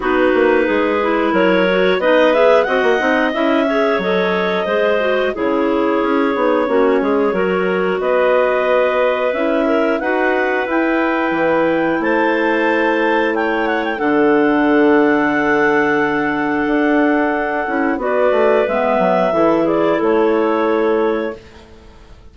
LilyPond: <<
  \new Staff \with { instrumentName = "clarinet" } { \time 4/4 \tempo 4 = 90 b'2 cis''4 dis''8 e''8 | fis''4 e''4 dis''2 | cis''1 | dis''2 e''4 fis''4 |
g''2 a''2 | g''8 fis''16 g''16 fis''2.~ | fis''2. d''4 | e''4. d''8 cis''2 | }
  \new Staff \with { instrumentName = "clarinet" } { \time 4/4 fis'4 gis'4 ais'4 b'4 | dis''4. cis''4. c''4 | gis'2 fis'8 gis'8 ais'4 | b'2~ b'8 ais'8 b'4~ |
b'2 c''2 | cis''4 a'2.~ | a'2. b'4~ | b'4 a'8 gis'8 a'2 | }
  \new Staff \with { instrumentName = "clarinet" } { \time 4/4 dis'4. e'4 fis'8 dis'8 gis'8 | fis'8 dis'8 e'8 gis'8 a'4 gis'8 fis'8 | e'4. dis'8 cis'4 fis'4~ | fis'2 e'4 fis'4 |
e'1~ | e'4 d'2.~ | d'2~ d'8 e'8 fis'4 | b4 e'2. | }
  \new Staff \with { instrumentName = "bassoon" } { \time 4/4 b8 ais8 gis4 fis4 b4 | c'16 ais16 c'8 cis'4 fis4 gis4 | cis4 cis'8 b8 ais8 gis8 fis4 | b2 cis'4 dis'4 |
e'4 e4 a2~ | a4 d2.~ | d4 d'4. cis'8 b8 a8 | gis8 fis8 e4 a2 | }
>>